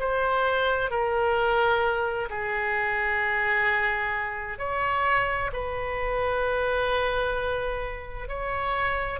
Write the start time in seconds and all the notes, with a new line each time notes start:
0.00 C5
0.91 A#4
2.30 G#4
4.59 C#5
5.53 B4
8.29 C#5